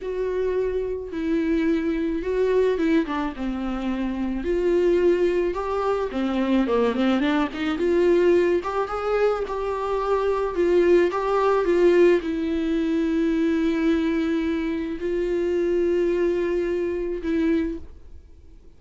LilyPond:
\new Staff \with { instrumentName = "viola" } { \time 4/4 \tempo 4 = 108 fis'2 e'2 | fis'4 e'8 d'8 c'2 | f'2 g'4 c'4 | ais8 c'8 d'8 dis'8 f'4. g'8 |
gis'4 g'2 f'4 | g'4 f'4 e'2~ | e'2. f'4~ | f'2. e'4 | }